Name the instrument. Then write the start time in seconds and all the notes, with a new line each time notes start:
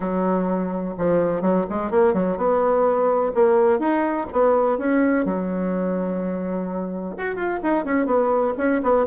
bassoon
0.00 F#3
0.98 F3
1.41 F#3
1.69 G#3
1.90 A#3
2.13 F#3
2.37 B3
3.34 A#3
3.79 D#4
4.32 B3
4.77 C#4
5.25 F#3
7.17 F#4
7.35 F4
7.63 D#4
7.84 C#4
8.05 B3
8.57 C#4
8.82 B3